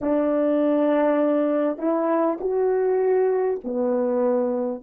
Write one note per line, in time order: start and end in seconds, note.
0.01 1.77 D4
1.77 2.37 E4
2.40 3.60 F#4
3.64 4.82 B3